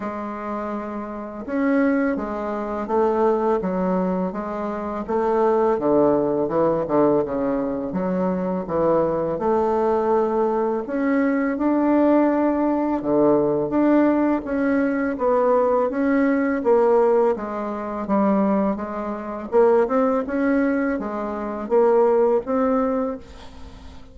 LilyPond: \new Staff \with { instrumentName = "bassoon" } { \time 4/4 \tempo 4 = 83 gis2 cis'4 gis4 | a4 fis4 gis4 a4 | d4 e8 d8 cis4 fis4 | e4 a2 cis'4 |
d'2 d4 d'4 | cis'4 b4 cis'4 ais4 | gis4 g4 gis4 ais8 c'8 | cis'4 gis4 ais4 c'4 | }